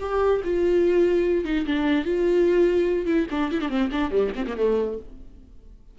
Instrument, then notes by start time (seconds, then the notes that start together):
viola
0.00 G4
0.44 F4
1.45 D#4
1.66 D4
2.05 F4
3.06 E4
3.31 D4
3.51 E4
3.61 D4
3.69 C4
3.92 D4
4.11 G3
4.35 C4
4.47 A#3
4.57 A3